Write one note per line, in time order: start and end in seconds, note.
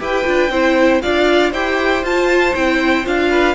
0.00 0.26 E4
0.00 0.25 G4
0.00 0.52 B4
0.00 1.02 G5
0.25 0.50 D4
0.25 0.50 F4
0.50 1.01 C4
0.50 1.03 E4
0.50 1.02 C5
1.02 1.53 D4
1.02 1.54 F4
1.02 1.51 D5
1.02 1.53 F5
1.51 2.04 E4
1.51 2.04 G4
1.51 3.29 C5
1.51 2.05 G5
2.04 2.55 F4
2.04 2.56 A5
2.56 3.06 C4
2.56 3.05 E4
2.56 3.06 G5
3.05 3.56 D4
3.05 3.56 F4
3.05 3.56 F5
3.31 3.56 B4